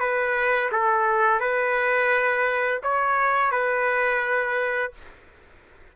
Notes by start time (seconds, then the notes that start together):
0.00 B4
0.72 A4
1.40 B4
2.83 C#5
3.52 B4